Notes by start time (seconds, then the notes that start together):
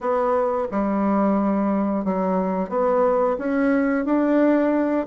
0.00 B3
0.71 G3
2.04 F#3
2.69 B3
3.38 C#4
4.05 D4